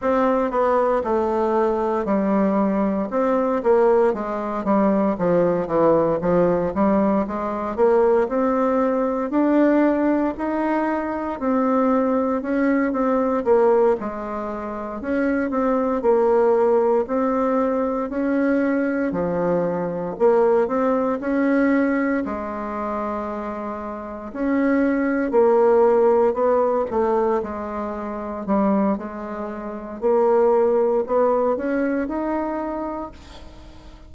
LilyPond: \new Staff \with { instrumentName = "bassoon" } { \time 4/4 \tempo 4 = 58 c'8 b8 a4 g4 c'8 ais8 | gis8 g8 f8 e8 f8 g8 gis8 ais8 | c'4 d'4 dis'4 c'4 | cis'8 c'8 ais8 gis4 cis'8 c'8 ais8~ |
ais8 c'4 cis'4 f4 ais8 | c'8 cis'4 gis2 cis'8~ | cis'8 ais4 b8 a8 gis4 g8 | gis4 ais4 b8 cis'8 dis'4 | }